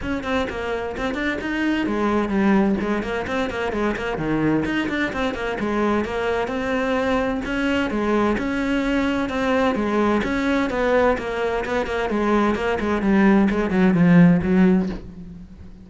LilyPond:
\new Staff \with { instrumentName = "cello" } { \time 4/4 \tempo 4 = 129 cis'8 c'8 ais4 c'8 d'8 dis'4 | gis4 g4 gis8 ais8 c'8 ais8 | gis8 ais8 dis4 dis'8 d'8 c'8 ais8 | gis4 ais4 c'2 |
cis'4 gis4 cis'2 | c'4 gis4 cis'4 b4 | ais4 b8 ais8 gis4 ais8 gis8 | g4 gis8 fis8 f4 fis4 | }